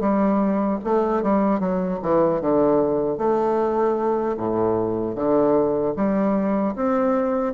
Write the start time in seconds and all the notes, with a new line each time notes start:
0.00 G3
0.84 A3
1.22 G3
1.60 F#3
2.02 E3
2.41 D3
3.18 A3
4.37 A2
5.15 D3
5.96 G3
6.75 C4